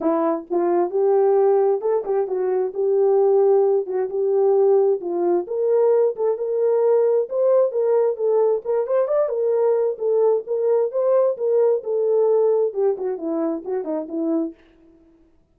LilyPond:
\new Staff \with { instrumentName = "horn" } { \time 4/4 \tempo 4 = 132 e'4 f'4 g'2 | a'8 g'8 fis'4 g'2~ | g'8 fis'8 g'2 f'4 | ais'4. a'8 ais'2 |
c''4 ais'4 a'4 ais'8 c''8 | d''8 ais'4. a'4 ais'4 | c''4 ais'4 a'2 | g'8 fis'8 e'4 fis'8 dis'8 e'4 | }